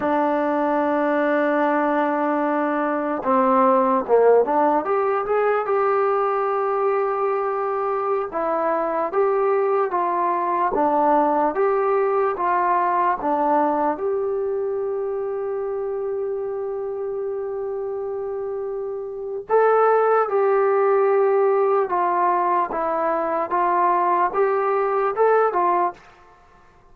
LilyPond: \new Staff \with { instrumentName = "trombone" } { \time 4/4 \tempo 4 = 74 d'1 | c'4 ais8 d'8 g'8 gis'8 g'4~ | g'2~ g'16 e'4 g'8.~ | g'16 f'4 d'4 g'4 f'8.~ |
f'16 d'4 g'2~ g'8.~ | g'1 | a'4 g'2 f'4 | e'4 f'4 g'4 a'8 f'8 | }